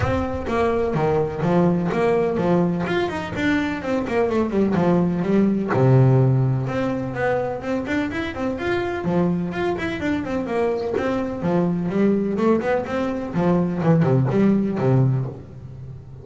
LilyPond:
\new Staff \with { instrumentName = "double bass" } { \time 4/4 \tempo 4 = 126 c'4 ais4 dis4 f4 | ais4 f4 f'8 dis'8 d'4 | c'8 ais8 a8 g8 f4 g4 | c2 c'4 b4 |
c'8 d'8 e'8 c'8 f'4 f4 | f'8 e'8 d'8 c'8 ais4 c'4 | f4 g4 a8 b8 c'4 | f4 e8 c8 g4 c4 | }